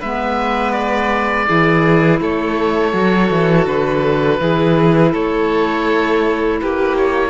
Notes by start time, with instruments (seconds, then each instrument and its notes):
0.00 cello G#3, clarinet B3, violin B4, oboe E5
0.72 oboe D5
1.47 cello E3, clarinet E4, violin G#4
2.21 cello A3, violin A4, oboe C#5
2.93 cello F#3, clarinet F#4
3.31 cello E3
3.67 cello D3, oboe B4
4.40 cello E3, clarinet E4, violin G#4
5.12 cello A3, violin A4, oboe C#5
6.61 cello A#3, violin G4, oboe B4
6.97 oboe C#5